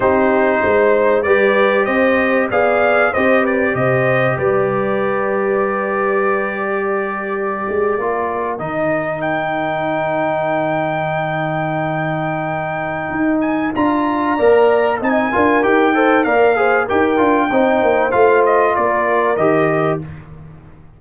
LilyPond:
<<
  \new Staff \with { instrumentName = "trumpet" } { \time 4/4 \tempo 4 = 96 c''2 d''4 dis''4 | f''4 dis''8 d''8 dis''4 d''4~ | d''1~ | d''4.~ d''16 dis''4 g''4~ g''16~ |
g''1~ | g''4. gis''8 ais''2 | gis''4 g''4 f''4 g''4~ | g''4 f''8 dis''8 d''4 dis''4 | }
  \new Staff \with { instrumentName = "horn" } { \time 4/4 g'4 c''4 b'4 c''4 | d''4 c''8 b'8 c''4 b'4~ | b'2~ b'8. ais'4~ ais'16~ | ais'1~ |
ais'1~ | ais'2. d''4 | dis''8 ais'4 c''8 d''8 c''8 ais'4 | c''2 ais'2 | }
  \new Staff \with { instrumentName = "trombone" } { \time 4/4 dis'2 g'2 | gis'4 g'2.~ | g'1~ | g'8. f'4 dis'2~ dis'16~ |
dis'1~ | dis'2 f'4 ais'4 | dis'8 f'8 g'8 a'8 ais'8 gis'8 g'8 f'8 | dis'4 f'2 g'4 | }
  \new Staff \with { instrumentName = "tuba" } { \time 4/4 c'4 gis4 g4 c'4 | b4 c'4 c4 g4~ | g1~ | g16 gis8 ais4 dis2~ dis16~ |
dis1~ | dis4 dis'4 d'4 ais4 | c'8 d'8 dis'4 ais4 dis'8 d'8 | c'8 ais8 a4 ais4 dis4 | }
>>